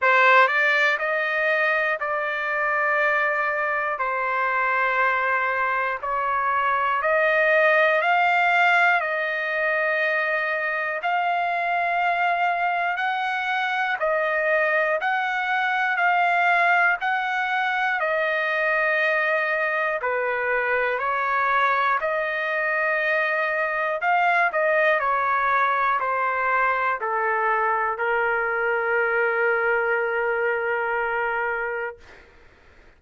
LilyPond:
\new Staff \with { instrumentName = "trumpet" } { \time 4/4 \tempo 4 = 60 c''8 d''8 dis''4 d''2 | c''2 cis''4 dis''4 | f''4 dis''2 f''4~ | f''4 fis''4 dis''4 fis''4 |
f''4 fis''4 dis''2 | b'4 cis''4 dis''2 | f''8 dis''8 cis''4 c''4 a'4 | ais'1 | }